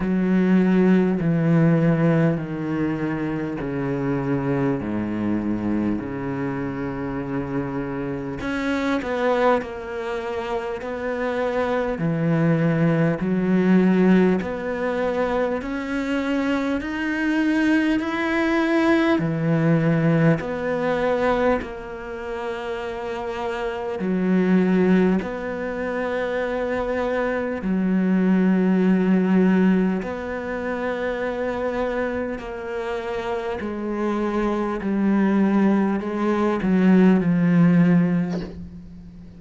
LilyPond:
\new Staff \with { instrumentName = "cello" } { \time 4/4 \tempo 4 = 50 fis4 e4 dis4 cis4 | gis,4 cis2 cis'8 b8 | ais4 b4 e4 fis4 | b4 cis'4 dis'4 e'4 |
e4 b4 ais2 | fis4 b2 fis4~ | fis4 b2 ais4 | gis4 g4 gis8 fis8 f4 | }